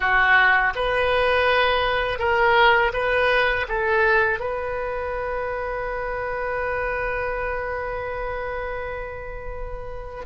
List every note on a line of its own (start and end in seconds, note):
0.00 0.73 F#4
0.75 2.18 B4
2.18 2.91 A#4
2.93 3.66 B4
3.68 4.39 A4
4.39 10.24 B4